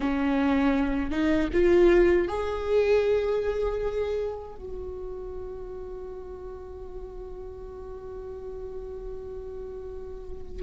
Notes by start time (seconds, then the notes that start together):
0.00 C#4
1.10 D#4
1.52 F4
2.28 G#4
4.55 F#4